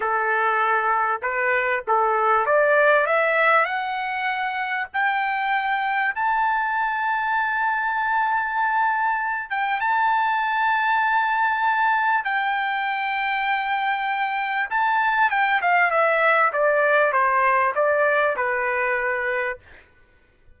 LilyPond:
\new Staff \with { instrumentName = "trumpet" } { \time 4/4 \tempo 4 = 98 a'2 b'4 a'4 | d''4 e''4 fis''2 | g''2 a''2~ | a''2.~ a''8 g''8 |
a''1 | g''1 | a''4 g''8 f''8 e''4 d''4 | c''4 d''4 b'2 | }